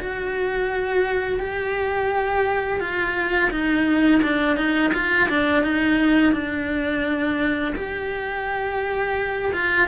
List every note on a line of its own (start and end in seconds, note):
0.00 1.39 F#4
1.39 2.80 G4
2.80 3.50 F4
3.51 4.21 D#4
4.23 4.57 D4
4.57 4.92 D#4
4.93 5.29 F4
5.29 5.63 D4
5.63 6.32 D#4
6.32 7.74 D4
7.75 9.52 G4
9.53 9.87 F4